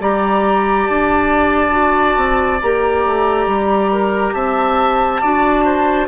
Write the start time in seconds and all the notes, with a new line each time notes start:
0.00 G3 G4 D5 A#5
0.86 D4 A5
1.70 F#4
2.17 C4
2.62 A#3 G4 A#5
3.05 A3
3.46 G3
3.92 A#4
4.33 C4 E5 A5
5.21 D4 F#4 D5
5.65 C5